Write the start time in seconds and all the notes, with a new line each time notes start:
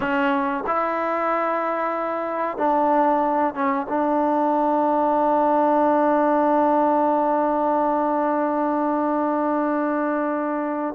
0.00 C#4
0.66 E4
2.57 D4
3.54 C#4
3.89 D4